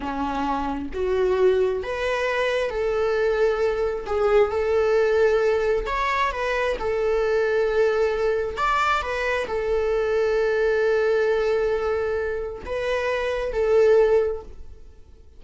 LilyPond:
\new Staff \with { instrumentName = "viola" } { \time 4/4 \tempo 4 = 133 cis'2 fis'2 | b'2 a'2~ | a'4 gis'4 a'2~ | a'4 cis''4 b'4 a'4~ |
a'2. d''4 | b'4 a'2.~ | a'1 | b'2 a'2 | }